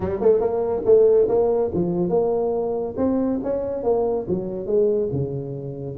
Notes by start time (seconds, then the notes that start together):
0.00 G3
0.20 A3
0.40 A#3
0.85 A3
1.28 A#3
1.74 F3
2.09 A#3
2.97 C4
3.43 C#4
3.83 A#3
4.28 F#3
4.66 G#3
5.11 C#3